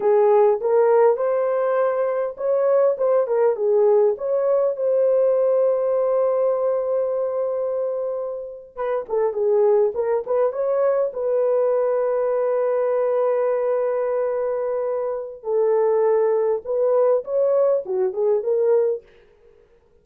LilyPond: \new Staff \with { instrumentName = "horn" } { \time 4/4 \tempo 4 = 101 gis'4 ais'4 c''2 | cis''4 c''8 ais'8 gis'4 cis''4 | c''1~ | c''2~ c''8. b'8 a'8 gis'16~ |
gis'8. ais'8 b'8 cis''4 b'4~ b'16~ | b'1~ | b'2 a'2 | b'4 cis''4 fis'8 gis'8 ais'4 | }